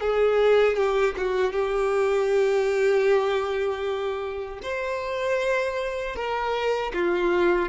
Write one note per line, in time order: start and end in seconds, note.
0.00 0.76 G#4
0.76 1.15 G4
1.17 1.52 F#4
1.52 4.60 G4
4.62 6.15 C5
6.15 6.92 A#4
6.93 7.69 F4